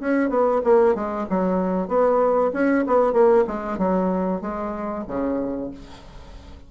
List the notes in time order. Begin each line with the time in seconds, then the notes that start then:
0.00 C#4
0.29 B3
0.64 A#3
0.95 G#3
1.29 F#3
1.88 B3
2.53 C#4
2.87 B3
3.13 A#3
3.47 G#3
3.78 F#3
4.41 G#3
5.08 C#3